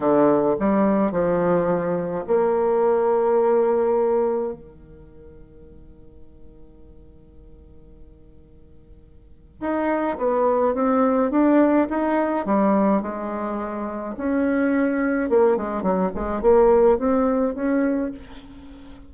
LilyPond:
\new Staff \with { instrumentName = "bassoon" } { \time 4/4 \tempo 4 = 106 d4 g4 f2 | ais1 | dis1~ | dis1~ |
dis4 dis'4 b4 c'4 | d'4 dis'4 g4 gis4~ | gis4 cis'2 ais8 gis8 | fis8 gis8 ais4 c'4 cis'4 | }